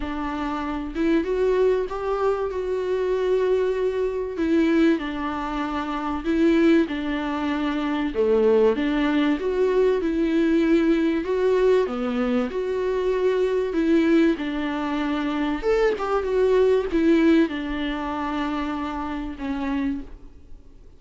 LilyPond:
\new Staff \with { instrumentName = "viola" } { \time 4/4 \tempo 4 = 96 d'4. e'8 fis'4 g'4 | fis'2. e'4 | d'2 e'4 d'4~ | d'4 a4 d'4 fis'4 |
e'2 fis'4 b4 | fis'2 e'4 d'4~ | d'4 a'8 g'8 fis'4 e'4 | d'2. cis'4 | }